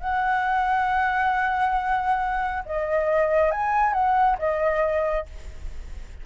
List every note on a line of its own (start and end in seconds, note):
0.00 2.63 F#5
2.65 3.51 D#5
3.51 3.93 G#5
3.93 4.37 F#5
4.38 5.26 D#5